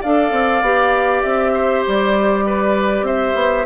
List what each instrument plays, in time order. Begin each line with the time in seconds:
0.00 bassoon D4, clarinet A4, oboe D5, flute F5
0.31 bassoon C4
0.61 bassoon B3, clarinet G4
1.22 bassoon C4, flute E5
1.53 oboe C5
1.87 bassoon G3, flute D5
2.46 oboe B4
3.02 bassoon C4, oboe C5, flute E5
3.34 bassoon B3